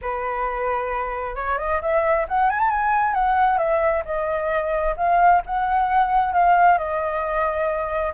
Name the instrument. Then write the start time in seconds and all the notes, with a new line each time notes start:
flute
0.01 B4
1.35 C#5
1.58 D#5
1.81 E5
2.28 F#5
2.50 G#5
2.59 A5
2.70 G#5
3.14 F#5
3.58 E5
4.05 D#5
4.96 F5
5.46 F#5
6.33 F5
6.78 D#5